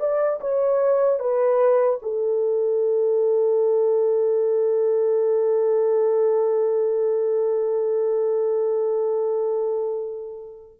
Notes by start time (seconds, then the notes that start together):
0.00 D5
0.40 C#5
1.20 B4
2.02 A4